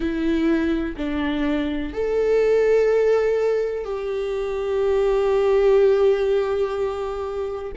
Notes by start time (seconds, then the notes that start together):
0.00 E4
0.96 D4
1.93 A4
3.84 G4